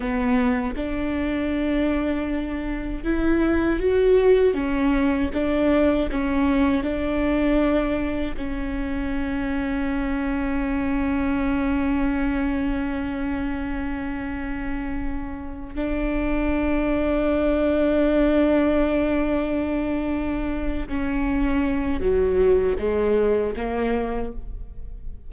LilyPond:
\new Staff \with { instrumentName = "viola" } { \time 4/4 \tempo 4 = 79 b4 d'2. | e'4 fis'4 cis'4 d'4 | cis'4 d'2 cis'4~ | cis'1~ |
cis'1~ | cis'8. d'2.~ d'16~ | d'2.~ d'8 cis'8~ | cis'4 fis4 gis4 ais4 | }